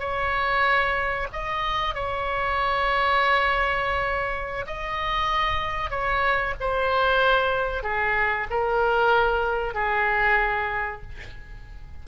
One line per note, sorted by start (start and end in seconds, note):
0.00 1.28 C#5
1.33 1.95 D#5
1.95 4.66 C#5
4.67 5.90 D#5
5.90 6.54 C#5
6.60 7.83 C5
7.83 8.47 G#4
8.51 9.75 A#4
9.75 11.02 G#4